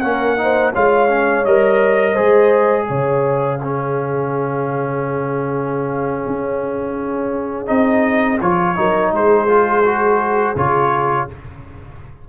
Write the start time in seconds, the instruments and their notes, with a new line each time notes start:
0.00 tuba A#3, trombone C#4, horn A#4, trumpet F#5
0.37 trombone D#4, horn C5
0.72 tuba G#3, trombone F4, horn C#5, trumpet F5
1.08 trombone C#4
1.45 tuba G3, trombone A#4, trumpet D#5
2.12 trombone G#4, horn C5
2.19 tuba G#3
2.86 tuba C#3, horn C#5, trumpet F5
3.59 trombone C#4, horn G#4
6.26 tuba C#4
7.66 tuba C4, trombone D#4, trumpet D#5
8.41 tuba F3, trombone F4, trumpet C#5
8.75 tuba F#3, trombone D#4, horn A#4
9.11 tuba G#3, horn G#4, trumpet C5
9.48 trombone F4
9.84 trombone F#4
10.55 tuba C#3, trombone F4, trumpet C#5